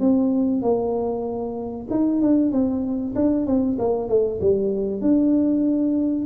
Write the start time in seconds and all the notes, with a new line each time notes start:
0.00 C4
0.62 A#3
1.90 D#4
2.22 D4
2.52 C4
3.15 D4
3.46 C4
3.79 A#3
4.09 A3
4.41 G3
5.01 D4